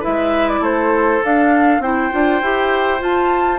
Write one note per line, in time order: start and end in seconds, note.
0.00 1.22 E4
0.00 0.60 B4
0.00 0.49 E5
0.07 0.60 G#3
0.49 0.64 D5
0.60 1.20 A3
0.60 1.82 A4
0.60 1.24 C5
1.23 1.83 D4
1.23 1.80 D4
1.23 1.82 F5
1.80 2.10 C4
1.80 2.12 E4
1.80 3.60 C5
1.80 3.02 G5
2.12 2.42 D4
2.12 2.42 F4
2.42 3.02 E4
2.42 3.00 G4
3.00 3.60 F4
3.00 3.60 A5